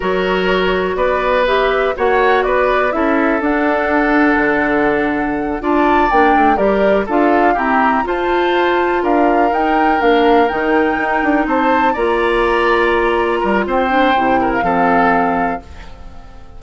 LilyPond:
<<
  \new Staff \with { instrumentName = "flute" } { \time 4/4 \tempo 4 = 123 cis''2 d''4 e''4 | fis''4 d''4 e''4 fis''4~ | fis''2.~ fis''8 a''8~ | a''8 g''4 d''4 f''4 ais''8~ |
ais''8 a''2 f''4 g''8~ | g''8 f''4 g''2 a''8~ | a''8 ais''2.~ ais''8 | g''4.~ g''16 f''2~ f''16 | }
  \new Staff \with { instrumentName = "oboe" } { \time 4/4 ais'2 b'2 | cis''4 b'4 a'2~ | a'2.~ a'8 d''8~ | d''4. ais'4 a'4 g'8~ |
g'8 c''2 ais'4.~ | ais'2.~ ais'8 c''8~ | c''8 d''2. ais'8 | c''4. ais'8 a'2 | }
  \new Staff \with { instrumentName = "clarinet" } { \time 4/4 fis'2. g'4 | fis'2 e'4 d'4~ | d'2.~ d'8 f'8~ | f'8 d'4 g'4 f'4 c'8~ |
c'8 f'2. dis'8~ | dis'8 d'4 dis'2~ dis'8~ | dis'8 f'2.~ f'8~ | f'8 d'8 e'4 c'2 | }
  \new Staff \with { instrumentName = "bassoon" } { \time 4/4 fis2 b2 | ais4 b4 cis'4 d'4~ | d'4 d2~ d8 d'8~ | d'8 ais8 a8 g4 d'4 e'8~ |
e'8 f'2 d'4 dis'8~ | dis'8 ais4 dis4 dis'8 d'8 c'8~ | c'8 ais2. g8 | c'4 c4 f2 | }
>>